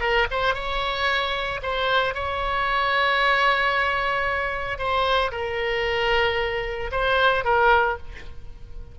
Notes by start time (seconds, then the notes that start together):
0.00 A#4
0.31 C5
0.54 C#5
1.62 C5
2.14 C#5
4.78 C5
5.32 A#4
6.91 C5
7.44 A#4